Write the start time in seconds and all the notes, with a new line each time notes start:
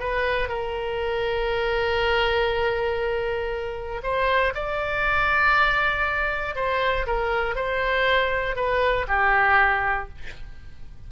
0.00 B4
0.49 A#4
4.03 C5
4.55 D5
6.56 C5
7.07 A#4
7.56 C5
8.56 B4
9.08 G4